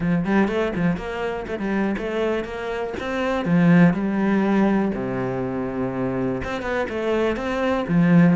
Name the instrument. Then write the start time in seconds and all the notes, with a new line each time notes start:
cello
0.00 F3
0.25 G3
0.47 A3
0.76 F3
0.97 A#3
1.47 A3
1.58 G3
1.98 A3
2.44 A#3
3.00 C4
3.45 F3
3.93 G3
4.94 C3
6.43 C4
6.62 B3
6.89 A3
7.36 C4
7.88 F3